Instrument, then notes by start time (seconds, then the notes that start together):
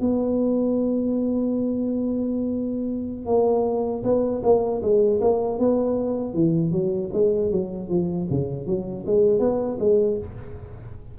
tuba
0.00 B3
3.26 A#3
4.03 B3
4.43 A#3
4.82 G#3
5.21 A#3
5.58 B3
6.34 E3
6.71 F#3
7.13 G#3
7.51 F#3
7.89 F3
8.30 C#3
8.66 F#3
9.06 G#3
9.39 B3
9.79 G#3